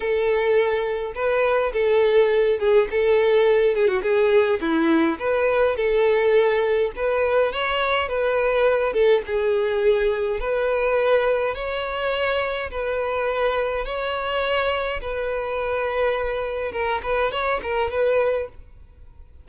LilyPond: \new Staff \with { instrumentName = "violin" } { \time 4/4 \tempo 4 = 104 a'2 b'4 a'4~ | a'8 gis'8 a'4. gis'16 fis'16 gis'4 | e'4 b'4 a'2 | b'4 cis''4 b'4. a'8 |
gis'2 b'2 | cis''2 b'2 | cis''2 b'2~ | b'4 ais'8 b'8 cis''8 ais'8 b'4 | }